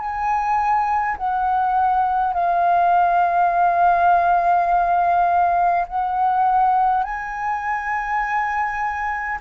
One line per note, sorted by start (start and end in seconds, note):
0.00 1.18 G#5
1.18 2.34 F#5
2.34 5.87 F5
5.89 7.04 F#5
7.04 9.40 G#5